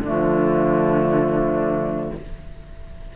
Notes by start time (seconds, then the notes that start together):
0.00 D3 F3 A3 D4